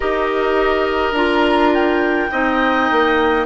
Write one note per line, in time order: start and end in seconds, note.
0.00 1.12 D#4
0.00 1.13 G4
0.00 2.31 A#4
0.00 1.14 D#5
1.12 2.27 D4
1.12 2.31 F4
1.12 1.72 A#5
1.73 3.46 G5
2.31 2.89 C4
2.31 3.46 D#4
2.31 3.46 D#5
2.91 3.46 A#3